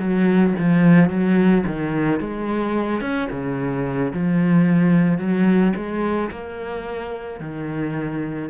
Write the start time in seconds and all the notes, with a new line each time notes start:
0.00 F#3
0.59 F3
1.10 F#3
1.67 D#3
2.20 G#3
3.01 C#4
3.31 C#3
4.14 F3
5.19 F#3
5.77 G#3
6.31 A#3
7.41 D#3